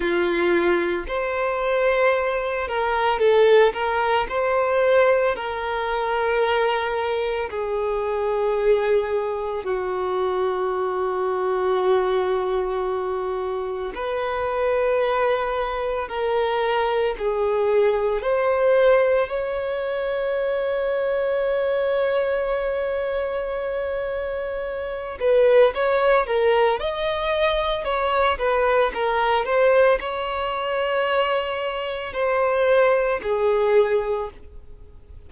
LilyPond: \new Staff \with { instrumentName = "violin" } { \time 4/4 \tempo 4 = 56 f'4 c''4. ais'8 a'8 ais'8 | c''4 ais'2 gis'4~ | gis'4 fis'2.~ | fis'4 b'2 ais'4 |
gis'4 c''4 cis''2~ | cis''2.~ cis''8 b'8 | cis''8 ais'8 dis''4 cis''8 b'8 ais'8 c''8 | cis''2 c''4 gis'4 | }